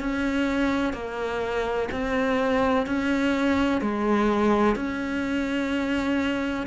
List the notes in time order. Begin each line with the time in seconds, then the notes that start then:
0.00 C#4
0.93 A#3
1.92 C4
2.87 C#4
3.81 G#3
4.76 C#4